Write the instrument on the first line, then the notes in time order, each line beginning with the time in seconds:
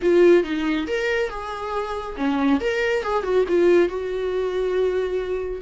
viola
0.02 F4
0.43 D#4
0.87 A#4
1.29 G#4
2.16 C#4
2.60 A#4
3.03 G#4
3.23 F#4
3.48 F4
3.88 F#4